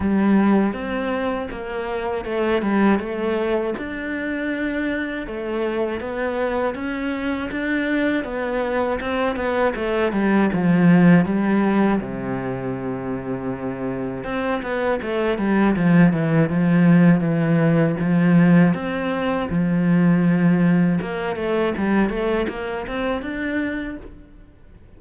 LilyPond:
\new Staff \with { instrumentName = "cello" } { \time 4/4 \tempo 4 = 80 g4 c'4 ais4 a8 g8 | a4 d'2 a4 | b4 cis'4 d'4 b4 | c'8 b8 a8 g8 f4 g4 |
c2. c'8 b8 | a8 g8 f8 e8 f4 e4 | f4 c'4 f2 | ais8 a8 g8 a8 ais8 c'8 d'4 | }